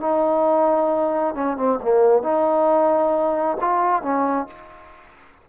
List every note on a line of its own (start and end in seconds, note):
0.00 1.34 D#4
1.34 1.57 C#4
1.57 1.79 C4
1.82 2.22 A#3
2.22 3.57 D#4
3.61 4.02 F4
4.02 4.47 C#4